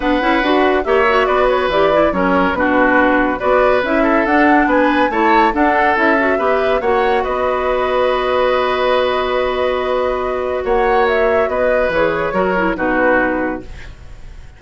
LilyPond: <<
  \new Staff \with { instrumentName = "flute" } { \time 4/4 \tempo 4 = 141 fis''2 e''4 d''8 cis''8 | d''4 cis''4 b'2 | d''4 e''4 fis''4 gis''4 | a''4 fis''4 e''2 |
fis''4 dis''2.~ | dis''1~ | dis''4 fis''4 e''4 dis''4 | cis''2 b'2 | }
  \new Staff \with { instrumentName = "oboe" } { \time 4/4 b'2 cis''4 b'4~ | b'4 ais'4 fis'2 | b'4. a'4. b'4 | cis''4 a'2 b'4 |
cis''4 b'2.~ | b'1~ | b'4 cis''2 b'4~ | b'4 ais'4 fis'2 | }
  \new Staff \with { instrumentName = "clarinet" } { \time 4/4 d'8 e'8 fis'4 g'8 fis'4. | g'8 e'8 cis'4 d'2 | fis'4 e'4 d'2 | e'4 d'4 e'8 fis'8 g'4 |
fis'1~ | fis'1~ | fis'1 | gis'4 fis'8 e'8 dis'2 | }
  \new Staff \with { instrumentName = "bassoon" } { \time 4/4 b8 cis'8 d'4 ais4 b4 | e4 fis4 b,2 | b4 cis'4 d'4 b4 | a4 d'4 cis'4 b4 |
ais4 b2.~ | b1~ | b4 ais2 b4 | e4 fis4 b,2 | }
>>